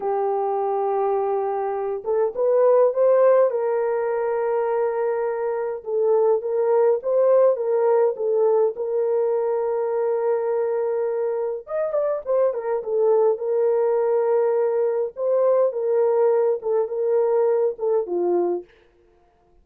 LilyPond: \new Staff \with { instrumentName = "horn" } { \time 4/4 \tempo 4 = 103 g'2.~ g'8 a'8 | b'4 c''4 ais'2~ | ais'2 a'4 ais'4 | c''4 ais'4 a'4 ais'4~ |
ais'1 | dis''8 d''8 c''8 ais'8 a'4 ais'4~ | ais'2 c''4 ais'4~ | ais'8 a'8 ais'4. a'8 f'4 | }